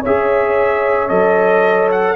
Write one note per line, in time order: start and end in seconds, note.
0.00 1.10 C#4
0.00 1.09 G#4
0.00 2.14 C#5
0.00 1.08 E5
1.08 2.16 F#3
1.08 2.16 A4
1.08 1.89 D#5
1.91 2.16 F#5